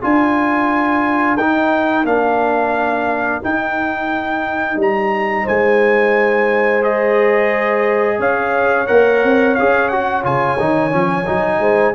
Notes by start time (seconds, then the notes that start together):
0.00 D4 F4 A#4 G#5
1.37 D#4 G5
2.04 A#3 D4 F5
3.42 D#4 G5
4.76 G3 A#5
5.44 G#3 C5 G#5
6.82 G#4 D#5
8.19 C#4 C#5 F5
8.87 A#3 A#4 F#5
9.24 C4
9.55 C#4 G#4 F5
9.88 F#4 F#5
10.23 C#3 F4 G#5
10.59 D#3 D#4
10.91 F3 C#4
11.26 F#3 D#4
11.59 G#3 C5